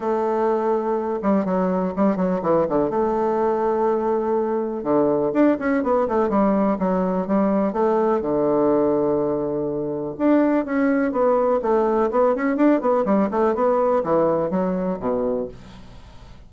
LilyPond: \new Staff \with { instrumentName = "bassoon" } { \time 4/4 \tempo 4 = 124 a2~ a8 g8 fis4 | g8 fis8 e8 d8 a2~ | a2 d4 d'8 cis'8 | b8 a8 g4 fis4 g4 |
a4 d2.~ | d4 d'4 cis'4 b4 | a4 b8 cis'8 d'8 b8 g8 a8 | b4 e4 fis4 b,4 | }